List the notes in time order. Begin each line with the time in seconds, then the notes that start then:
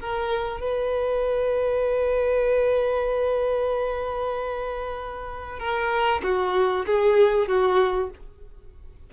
0.00 A#4
0.61 B4
5.59 A#4
6.23 F#4
6.86 G#4
7.48 F#4